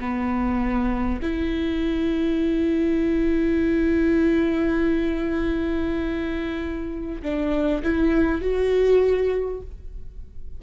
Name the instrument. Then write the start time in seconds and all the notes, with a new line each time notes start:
viola
0.00 B3
1.23 E4
7.23 D4
7.84 E4
8.42 F#4